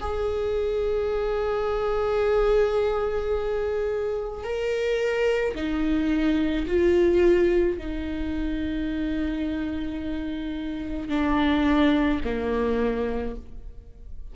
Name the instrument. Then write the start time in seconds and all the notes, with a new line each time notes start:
viola
0.00 G#4
4.43 A#4
5.55 D#4
6.67 F4
7.78 D#4
11.09 D4
12.24 A#3